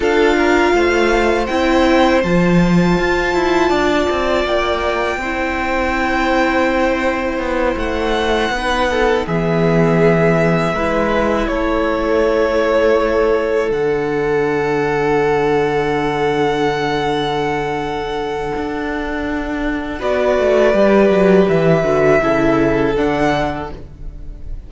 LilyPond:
<<
  \new Staff \with { instrumentName = "violin" } { \time 4/4 \tempo 4 = 81 f''2 g''4 a''4~ | a''2 g''2~ | g''2~ g''8 fis''4.~ | fis''8 e''2. cis''8~ |
cis''2~ cis''8 fis''4.~ | fis''1~ | fis''2. d''4~ | d''4 e''2 fis''4 | }
  \new Staff \with { instrumentName = "violin" } { \time 4/4 a'8 ais'8 c''2.~ | c''4 d''2 c''4~ | c''2.~ c''8 b'8 | a'8 gis'2 b'4 a'8~ |
a'1~ | a'1~ | a'2. b'4~ | b'2 a'2 | }
  \new Staff \with { instrumentName = "viola" } { \time 4/4 f'2 e'4 f'4~ | f'2. e'4~ | e'2.~ e'8 dis'8~ | dis'8 b2 e'4.~ |
e'2~ e'8 d'4.~ | d'1~ | d'2. fis'4 | g'4. fis'8 e'4 d'4 | }
  \new Staff \with { instrumentName = "cello" } { \time 4/4 d'4 a4 c'4 f4 | f'8 e'8 d'8 c'8 ais4 c'4~ | c'2 b8 a4 b8~ | b8 e2 gis4 a8~ |
a2~ a8 d4.~ | d1~ | d4 d'2 b8 a8 | g8 fis8 e8 d8 cis4 d4 | }
>>